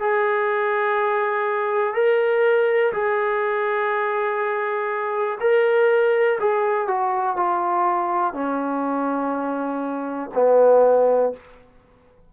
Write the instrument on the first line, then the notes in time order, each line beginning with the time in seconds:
trombone
0.00 G#4
1.94 A#4
2.92 G#4
5.41 A#4
6.40 G#4
6.88 F#4
7.36 F4
8.33 C#4
10.34 B3